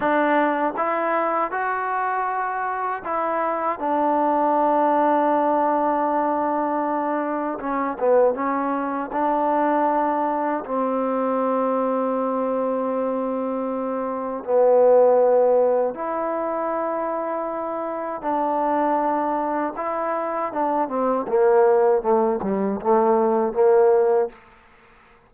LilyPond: \new Staff \with { instrumentName = "trombone" } { \time 4/4 \tempo 4 = 79 d'4 e'4 fis'2 | e'4 d'2.~ | d'2 cis'8 b8 cis'4 | d'2 c'2~ |
c'2. b4~ | b4 e'2. | d'2 e'4 d'8 c'8 | ais4 a8 g8 a4 ais4 | }